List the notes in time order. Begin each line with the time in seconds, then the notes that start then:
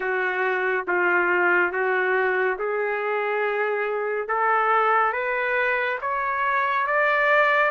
0.00 F#4
0.87 F4
1.71 F#4
2.58 G#4
4.28 A4
5.12 B4
6.01 C#5
6.86 D5